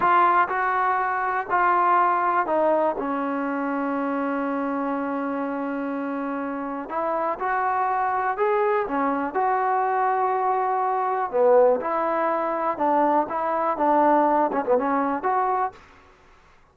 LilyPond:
\new Staff \with { instrumentName = "trombone" } { \time 4/4 \tempo 4 = 122 f'4 fis'2 f'4~ | f'4 dis'4 cis'2~ | cis'1~ | cis'2 e'4 fis'4~ |
fis'4 gis'4 cis'4 fis'4~ | fis'2. b4 | e'2 d'4 e'4 | d'4. cis'16 b16 cis'4 fis'4 | }